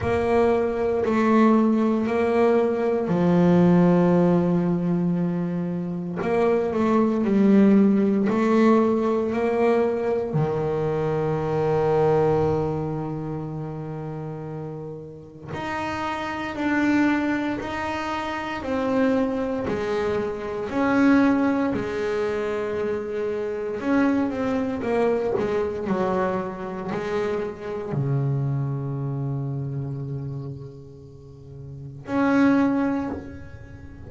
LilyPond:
\new Staff \with { instrumentName = "double bass" } { \time 4/4 \tempo 4 = 58 ais4 a4 ais4 f4~ | f2 ais8 a8 g4 | a4 ais4 dis2~ | dis2. dis'4 |
d'4 dis'4 c'4 gis4 | cis'4 gis2 cis'8 c'8 | ais8 gis8 fis4 gis4 cis4~ | cis2. cis'4 | }